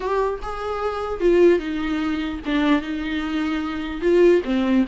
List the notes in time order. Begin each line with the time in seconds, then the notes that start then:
0.00 G4
0.42 G#4
1.20 F4
1.59 D#4
2.45 D4
2.81 D#4
4.01 F4
4.44 C4